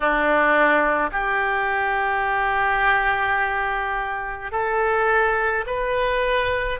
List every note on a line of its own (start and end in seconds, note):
0.00 1.10 D4
1.12 4.51 G4
4.51 5.64 A4
5.66 6.79 B4